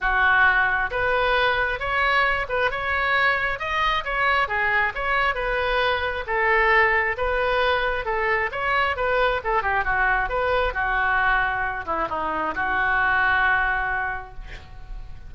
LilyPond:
\new Staff \with { instrumentName = "oboe" } { \time 4/4 \tempo 4 = 134 fis'2 b'2 | cis''4. b'8 cis''2 | dis''4 cis''4 gis'4 cis''4 | b'2 a'2 |
b'2 a'4 cis''4 | b'4 a'8 g'8 fis'4 b'4 | fis'2~ fis'8 e'8 dis'4 | fis'1 | }